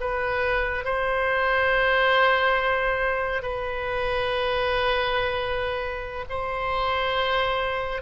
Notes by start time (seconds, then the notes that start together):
0.00 B4
0.85 C5
3.42 B4
6.29 C5